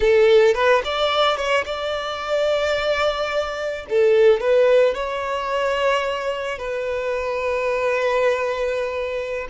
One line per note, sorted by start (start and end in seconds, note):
0.00 0.54 A4
0.54 0.82 B4
0.84 1.36 D5
1.36 1.64 C#5
1.65 3.86 D5
3.89 4.40 A4
4.40 4.94 B4
4.94 6.58 C#5
6.58 9.47 B4